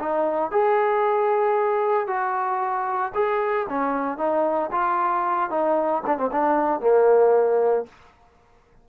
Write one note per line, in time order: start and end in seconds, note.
0.00 0.52 D#4
0.52 2.08 G#4
2.08 3.13 F#4
3.15 3.67 G#4
3.70 4.18 C#4
4.18 4.71 D#4
4.72 5.50 F4
5.50 6.03 D#4
6.07 6.18 D4
6.18 6.31 C4
6.32 6.81 D4
6.81 7.86 A#3